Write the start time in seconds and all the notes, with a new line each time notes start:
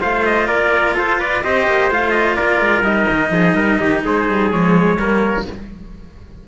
0.00 A3 F4 C5 F5
0.26 D#5
0.47 A#3 A#4 D5
0.95 F4 A4 C5
1.19 B4 D5
1.43 C4 G4 C5 D#5
1.67 A#3
1.91 A3 F4 F5
2.11 D#5
2.35 A#3 A#4 D5
2.61 G#3
2.82 G3 D#4 D#5
3.11 D#3
3.31 F3 G#4
3.55 G3 A#4
3.80 D#3 G4
4.05 G#3 G#4 C5
4.29 G3
4.51 F3 G#3 C#5
4.97 G3 A#3 A#4